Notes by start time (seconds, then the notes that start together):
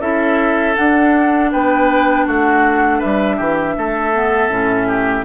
0.00 C#4 E4 A4 E5
0.75 D4 F#5
1.52 B3 B4 G5
2.25 A3 F#4 F#5
2.98 G3 B4 E5
3.36 E3 G4
3.77 A3 A4
4.13 B3
4.49 A2 C#4
4.87 G4